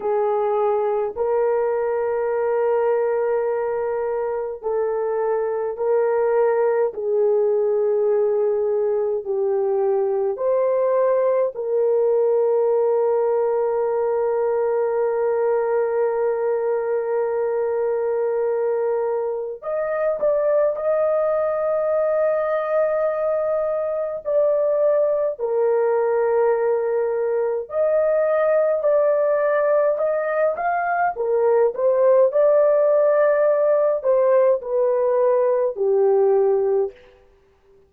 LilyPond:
\new Staff \with { instrumentName = "horn" } { \time 4/4 \tempo 4 = 52 gis'4 ais'2. | a'4 ais'4 gis'2 | g'4 c''4 ais'2~ | ais'1~ |
ais'4 dis''8 d''8 dis''2~ | dis''4 d''4 ais'2 | dis''4 d''4 dis''8 f''8 ais'8 c''8 | d''4. c''8 b'4 g'4 | }